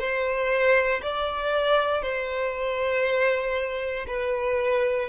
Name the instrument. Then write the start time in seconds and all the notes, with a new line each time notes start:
violin
0.00 C5
1.03 D5
2.03 C5
4.08 B4